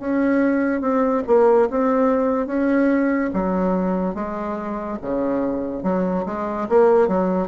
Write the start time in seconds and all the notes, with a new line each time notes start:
0.00 C#4
0.81 C4
1.27 A#3
1.70 C4
2.47 C#4
3.34 F#3
4.15 G#3
5.02 C#3
5.83 F#3
6.26 G#3
6.69 A#3
7.08 F#3